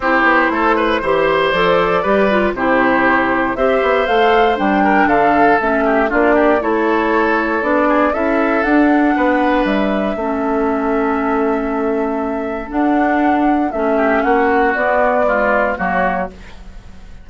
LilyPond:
<<
  \new Staff \with { instrumentName = "flute" } { \time 4/4 \tempo 4 = 118 c''2. d''4~ | d''4 c''2 e''4 | f''4 g''4 f''4 e''4 | d''4 cis''2 d''4 |
e''4 fis''2 e''4~ | e''1~ | e''4 fis''2 e''4 | fis''4 d''2 cis''4 | }
  \new Staff \with { instrumentName = "oboe" } { \time 4/4 g'4 a'8 b'8 c''2 | b'4 g'2 c''4~ | c''4. ais'8 a'4. g'8 | f'8 g'8 a'2~ a'8 gis'8 |
a'2 b'2 | a'1~ | a'2.~ a'8 g'8 | fis'2 f'4 fis'4 | }
  \new Staff \with { instrumentName = "clarinet" } { \time 4/4 e'2 g'4 a'4 | g'8 f'8 e'2 g'4 | a'4 d'2 cis'4 | d'4 e'2 d'4 |
e'4 d'2. | cis'1~ | cis'4 d'2 cis'4~ | cis'4 b4 gis4 ais4 | }
  \new Staff \with { instrumentName = "bassoon" } { \time 4/4 c'8 b8 a4 e4 f4 | g4 c2 c'8 b8 | a4 g4 d4 a4 | ais4 a2 b4 |
cis'4 d'4 b4 g4 | a1~ | a4 d'2 a4 | ais4 b2 fis4 | }
>>